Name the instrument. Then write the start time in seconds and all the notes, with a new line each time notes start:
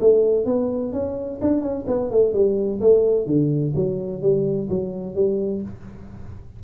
tuba
0.00 A3
0.45 B3
0.92 C#4
1.41 D4
1.62 C#4
1.87 B3
2.10 A3
2.33 G3
2.80 A3
3.26 D3
3.75 F#3
4.22 G3
4.69 F#3
5.15 G3